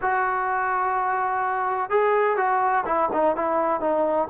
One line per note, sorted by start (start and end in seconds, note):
0.01 1.90 F#4
1.90 2.36 G#4
2.36 2.84 F#4
2.85 3.09 E4
3.12 3.36 D#4
3.36 3.80 E4
3.80 4.28 D#4